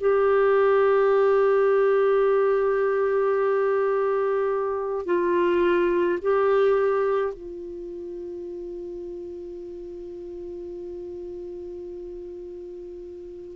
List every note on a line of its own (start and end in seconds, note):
0.00 5.05 G4
5.05 6.19 F4
6.21 7.33 G4
7.33 13.56 F4